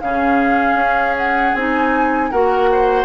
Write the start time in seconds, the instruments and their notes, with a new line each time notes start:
0.00 bassoon C#3, clarinet C#4, oboe G#4, flute F5
0.74 bassoon C#4
1.17 flute F#5
1.54 bassoon C4, clarinet D#4, flute G#5
2.30 bassoon A#3, clarinet F#4, oboe A#4, flute F#5
2.72 oboe C5